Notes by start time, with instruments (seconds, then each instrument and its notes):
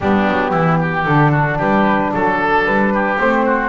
0.00 double bass G3, saxophone B3, oboe D4, flute G4
0.27 double bass F#3
0.50 double bass E3, oboe E4
0.80 oboe G4
1.04 double bass D3, saxophone D4, flute A4
1.31 oboe F#4
1.58 double bass G3, oboe G4, flute B4
2.13 double bass F#3, oboe A4, flute A4
2.65 double bass G3, flute B4
2.93 oboe G4
3.16 double bass A3, saxophone C4, flute C5
3.45 oboe F#4